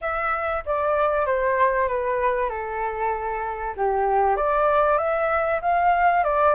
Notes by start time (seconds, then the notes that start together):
0.01 E5
0.65 D5
1.26 C5
1.88 B4
2.49 A4
3.76 G4
4.36 D5
4.98 E5
5.61 F5
6.23 D5